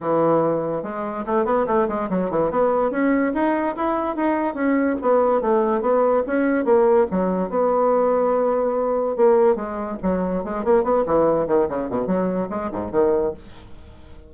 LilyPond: \new Staff \with { instrumentName = "bassoon" } { \time 4/4 \tempo 4 = 144 e2 gis4 a8 b8 | a8 gis8 fis8 e8 b4 cis'4 | dis'4 e'4 dis'4 cis'4 | b4 a4 b4 cis'4 |
ais4 fis4 b2~ | b2 ais4 gis4 | fis4 gis8 ais8 b8 e4 dis8 | cis8 b,8 fis4 gis8 gis,8 dis4 | }